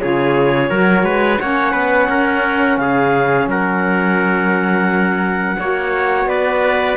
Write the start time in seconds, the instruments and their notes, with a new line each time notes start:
0.00 cello C#3, saxophone F4, trumpet G#4, clarinet C#5
0.69 cello F#3, saxophone F#4, trumpet A#4
1.02 cello G#3, trumpet B4
1.38 cello A#3, saxophone C#4, trumpet C#5, clarinet F#5
1.72 cello B3, trumpet B4
2.09 cello C#4, trumpet A#4
2.77 cello C#3, trumpet G#4, clarinet F5
3.47 cello F#3, trumpet A#4, clarinet F#5
5.59 cello A#3, saxophone F#4, trumpet C#5
6.25 cello B3, trumpet B4, clarinet D5